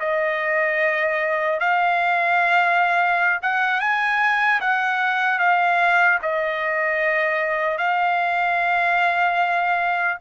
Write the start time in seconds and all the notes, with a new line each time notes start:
0.00 D#5
1.60 F5
3.43 F#5
3.80 G#5
4.61 F#5
5.39 F5
6.22 D#5
7.78 F5